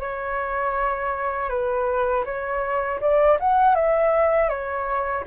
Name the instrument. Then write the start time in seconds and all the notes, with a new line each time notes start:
flute
0.00 C#5
1.50 B4
2.25 C#5
3.01 D5
3.40 F#5
3.75 E5
4.49 C#5